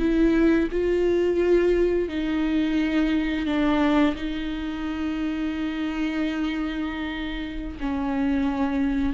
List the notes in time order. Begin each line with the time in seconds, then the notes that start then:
0.00 E4
0.72 F4
2.09 D#4
3.47 D4
4.16 D#4
7.81 C#4